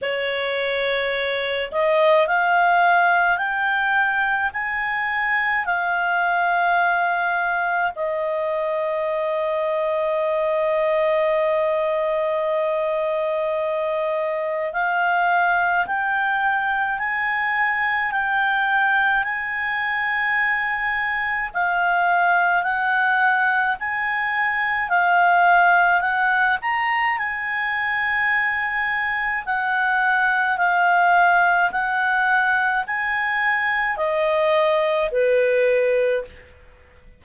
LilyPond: \new Staff \with { instrumentName = "clarinet" } { \time 4/4 \tempo 4 = 53 cis''4. dis''8 f''4 g''4 | gis''4 f''2 dis''4~ | dis''1~ | dis''4 f''4 g''4 gis''4 |
g''4 gis''2 f''4 | fis''4 gis''4 f''4 fis''8 ais''8 | gis''2 fis''4 f''4 | fis''4 gis''4 dis''4 b'4 | }